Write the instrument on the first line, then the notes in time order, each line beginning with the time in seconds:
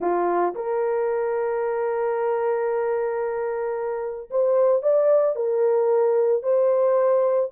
horn
0.00 F4
0.55 A#4
4.30 C5
4.82 D5
5.35 A#4
6.43 C5